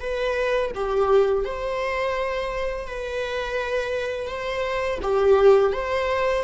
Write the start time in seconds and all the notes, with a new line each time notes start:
0.00 B4
0.75 G4
1.44 C5
2.86 B4
4.27 C5
5.02 G4
5.73 C5